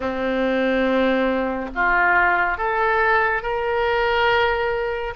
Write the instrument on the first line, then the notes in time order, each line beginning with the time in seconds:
oboe
0.00 C4
1.75 F4
2.57 A4
3.42 A#4